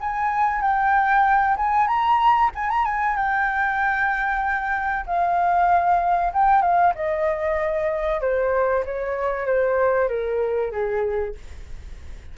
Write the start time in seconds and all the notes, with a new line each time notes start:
0.00 G#5
0.62 G5
1.57 G#5
1.87 A#5
2.55 G#5
2.70 A#5
2.85 G#5
3.16 G5
5.06 F5
6.33 G5
6.62 F5
6.95 D#5
8.21 C5
8.85 C#5
9.47 C5
10.09 A#4
10.72 G#4